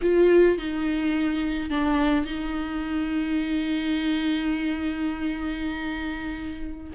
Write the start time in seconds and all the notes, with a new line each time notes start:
0.02 F4
0.58 D#4
1.70 D4
2.25 D#4